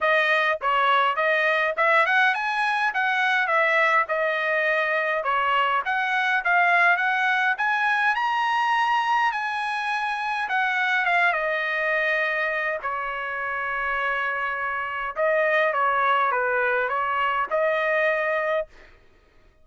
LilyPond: \new Staff \with { instrumentName = "trumpet" } { \time 4/4 \tempo 4 = 103 dis''4 cis''4 dis''4 e''8 fis''8 | gis''4 fis''4 e''4 dis''4~ | dis''4 cis''4 fis''4 f''4 | fis''4 gis''4 ais''2 |
gis''2 fis''4 f''8 dis''8~ | dis''2 cis''2~ | cis''2 dis''4 cis''4 | b'4 cis''4 dis''2 | }